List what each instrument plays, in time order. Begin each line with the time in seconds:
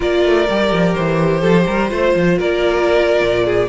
0.00 cello A#3, viola F4, violin A#4 D5
0.25 cello A3
0.49 cello G3, viola G4
0.71 cello F3
0.94 cello E3, violin C5
1.39 cello F3, violin A4
1.66 cello G3, violin A#4
1.88 cello A3, viola F4, violin C5
2.15 cello F3
2.38 cello A#3, violin A#4 D5
3.21 cello A#2
3.45 violin G#4